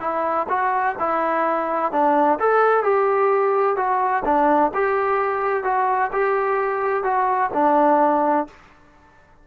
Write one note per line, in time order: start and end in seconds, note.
0.00 0.47 E4
0.49 0.96 F#4
0.99 1.92 E4
1.92 2.39 D4
2.39 2.83 A4
2.83 3.76 G4
3.76 4.23 F#4
4.25 4.72 D4
4.74 5.64 G4
5.64 6.11 F#4
6.12 7.04 G4
7.04 7.50 F#4
7.54 8.48 D4